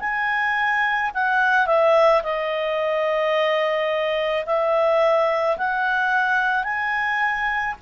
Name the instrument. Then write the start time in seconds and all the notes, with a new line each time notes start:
clarinet
0.00 G#5
1.15 F#5
1.67 E5
2.23 D#5
4.46 E5
5.58 F#5
6.64 G#5